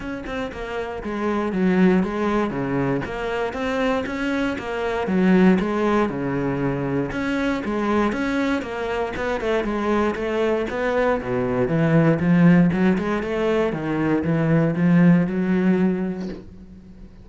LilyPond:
\new Staff \with { instrumentName = "cello" } { \time 4/4 \tempo 4 = 118 cis'8 c'8 ais4 gis4 fis4 | gis4 cis4 ais4 c'4 | cis'4 ais4 fis4 gis4 | cis2 cis'4 gis4 |
cis'4 ais4 b8 a8 gis4 | a4 b4 b,4 e4 | f4 fis8 gis8 a4 dis4 | e4 f4 fis2 | }